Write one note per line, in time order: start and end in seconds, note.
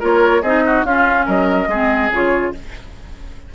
0.00 0.43 A#3
0.00 0.43 F4
0.00 0.42 A#4
0.00 0.43 C#5
0.42 0.84 C4
0.42 0.87 D#4
0.42 0.63 G#4
0.42 0.85 D#5
0.66 0.86 F#4
0.84 1.26 C#4
0.84 1.71 C#4
0.84 1.26 F4
0.84 1.27 F5
1.26 1.67 F#3
1.26 1.68 A#4
1.26 2.12 D#5
1.67 2.09 G#3
1.67 2.13 C4
1.67 2.54 G#4
2.12 2.54 C#3
2.12 2.55 F4
2.12 2.55 C#5